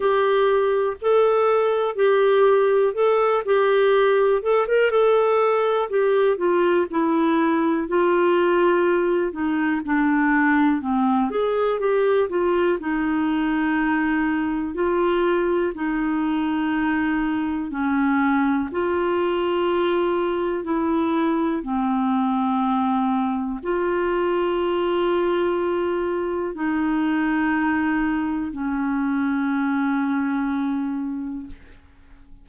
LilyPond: \new Staff \with { instrumentName = "clarinet" } { \time 4/4 \tempo 4 = 61 g'4 a'4 g'4 a'8 g'8~ | g'8 a'16 ais'16 a'4 g'8 f'8 e'4 | f'4. dis'8 d'4 c'8 gis'8 | g'8 f'8 dis'2 f'4 |
dis'2 cis'4 f'4~ | f'4 e'4 c'2 | f'2. dis'4~ | dis'4 cis'2. | }